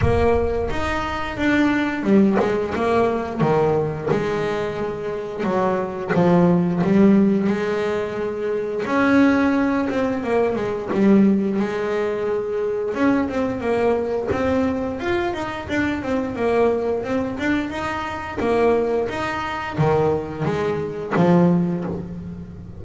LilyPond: \new Staff \with { instrumentName = "double bass" } { \time 4/4 \tempo 4 = 88 ais4 dis'4 d'4 g8 gis8 | ais4 dis4 gis2 | fis4 f4 g4 gis4~ | gis4 cis'4. c'8 ais8 gis8 |
g4 gis2 cis'8 c'8 | ais4 c'4 f'8 dis'8 d'8 c'8 | ais4 c'8 d'8 dis'4 ais4 | dis'4 dis4 gis4 f4 | }